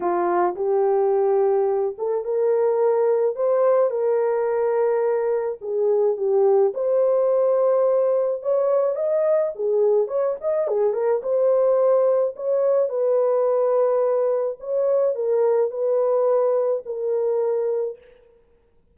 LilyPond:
\new Staff \with { instrumentName = "horn" } { \time 4/4 \tempo 4 = 107 f'4 g'2~ g'8 a'8 | ais'2 c''4 ais'4~ | ais'2 gis'4 g'4 | c''2. cis''4 |
dis''4 gis'4 cis''8 dis''8 gis'8 ais'8 | c''2 cis''4 b'4~ | b'2 cis''4 ais'4 | b'2 ais'2 | }